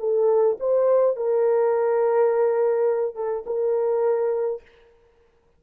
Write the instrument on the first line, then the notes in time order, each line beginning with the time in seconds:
horn
0.00 A4
0.61 C5
1.16 A#4
3.16 A4
3.47 A#4